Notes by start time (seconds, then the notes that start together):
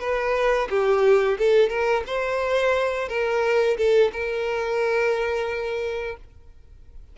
0.00 B4
0.70 G4
1.39 A4
1.70 A#4
2.07 C5
3.09 A#4
3.77 A4
4.13 A#4